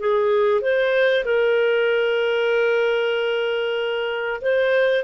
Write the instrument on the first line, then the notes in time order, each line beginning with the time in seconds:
clarinet
0.00 G#4
0.61 C5
1.25 A#4
4.41 C5